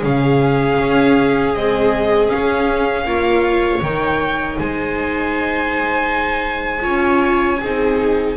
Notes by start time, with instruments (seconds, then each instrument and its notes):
0.00 double bass C#3, viola C#4 G#4, violin F5
0.79 double bass C#4
1.55 viola G#3, double bass C4, violin D#5
2.29 viola C#4, double bass C#4, violin F5
3.05 double bass A#3, viola F4 C#5
3.81 double bass D#3, viola D#4, violin G5
4.58 double bass G#3, viola C5, violin G#5
6.81 double bass C#4, viola F4 C#5
7.60 double bass C4, viola D#4 G#4